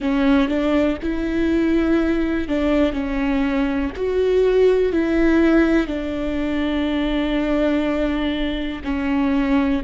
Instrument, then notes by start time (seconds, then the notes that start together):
viola
0.00 C#4
0.48 D4
1.02 E4
2.48 D4
2.92 C#4
3.96 F#4
4.92 E4
5.87 D4
8.83 C#4